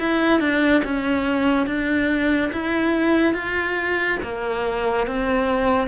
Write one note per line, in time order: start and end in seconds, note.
0.00 0.40 E4
0.40 0.83 D4
0.85 1.67 C#4
1.67 2.51 D4
2.52 3.34 E4
3.34 4.19 F4
4.23 5.07 A#3
5.07 5.88 C4